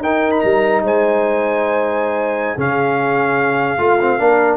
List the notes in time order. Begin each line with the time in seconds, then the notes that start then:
0.00 D#4 A#4 G5
0.32 B5
0.41 G3 A#5
0.82 G#3 C5 G#5
2.56 C#3 C#4 G#4 F5
3.78 A3 F4
4.01 C4
4.19 A#3 D4 A#4